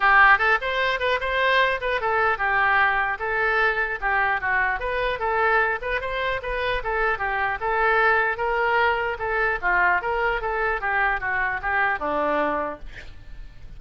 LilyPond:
\new Staff \with { instrumentName = "oboe" } { \time 4/4 \tempo 4 = 150 g'4 a'8 c''4 b'8 c''4~ | c''8 b'8 a'4 g'2 | a'2 g'4 fis'4 | b'4 a'4. b'8 c''4 |
b'4 a'4 g'4 a'4~ | a'4 ais'2 a'4 | f'4 ais'4 a'4 g'4 | fis'4 g'4 d'2 | }